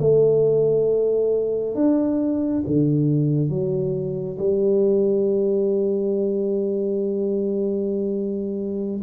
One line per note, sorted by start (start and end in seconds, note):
0.00 1.75 A3
1.75 2.64 D4
2.67 3.50 D3
3.50 4.38 F#3
4.39 9.02 G3